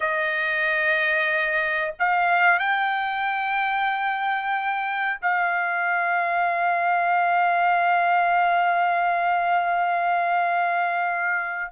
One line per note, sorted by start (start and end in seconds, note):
0.00 1.94 D#5
1.99 2.59 F5
2.59 5.20 G5
5.21 11.72 F5